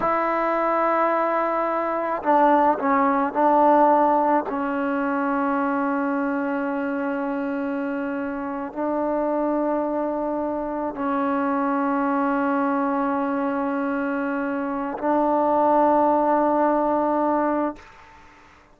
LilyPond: \new Staff \with { instrumentName = "trombone" } { \time 4/4 \tempo 4 = 108 e'1 | d'4 cis'4 d'2 | cis'1~ | cis'2.~ cis'8. d'16~ |
d'2.~ d'8. cis'16~ | cis'1~ | cis'2. d'4~ | d'1 | }